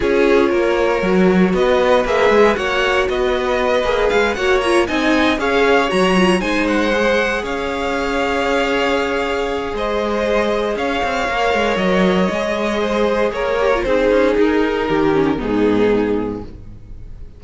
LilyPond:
<<
  \new Staff \with { instrumentName = "violin" } { \time 4/4 \tempo 4 = 117 cis''2. dis''4 | e''4 fis''4 dis''2 | f''8 fis''8 ais''8 gis''4 f''4 ais''8~ | ais''8 gis''8 fis''4. f''4.~ |
f''2. dis''4~ | dis''4 f''2 dis''4~ | dis''2 cis''4 c''4 | ais'2 gis'2 | }
  \new Staff \with { instrumentName = "violin" } { \time 4/4 gis'4 ais'2 b'4~ | b'4 cis''4 b'2~ | b'8 cis''4 dis''4 cis''4.~ | cis''8 c''2 cis''4.~ |
cis''2. c''4~ | c''4 cis''2.~ | cis''4 c''4 ais'4 gis'4~ | gis'4 g'4 dis'2 | }
  \new Staff \with { instrumentName = "viola" } { \time 4/4 f'2 fis'2 | gis'4 fis'2~ fis'8 gis'8~ | gis'8 fis'8 f'8 dis'4 gis'4 fis'8 | f'8 dis'4 gis'2~ gis'8~ |
gis'1~ | gis'2 ais'2 | gis'2~ gis'8 g'16 f'16 dis'4~ | dis'4. cis'8 b2 | }
  \new Staff \with { instrumentName = "cello" } { \time 4/4 cis'4 ais4 fis4 b4 | ais8 gis8 ais4 b4. ais8 | gis8 ais4 c'4 cis'4 fis8~ | fis8 gis2 cis'4.~ |
cis'2. gis4~ | gis4 cis'8 c'8 ais8 gis8 fis4 | gis2 ais4 c'8 cis'8 | dis'4 dis4 gis,2 | }
>>